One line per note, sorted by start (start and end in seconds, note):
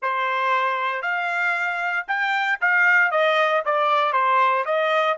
0.01 1.02 C5
1.02 2.05 F5
2.07 2.59 G5
2.61 3.11 F5
3.11 3.63 D#5
3.65 4.12 D5
4.12 4.64 C5
4.65 5.17 D#5